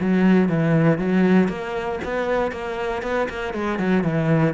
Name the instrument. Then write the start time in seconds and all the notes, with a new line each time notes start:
cello
0.00 F#3
0.49 E3
0.98 F#3
1.48 A#3
2.04 B3
2.51 A#3
3.02 B3
3.29 A#3
3.53 G#3
3.79 F#3
4.03 E3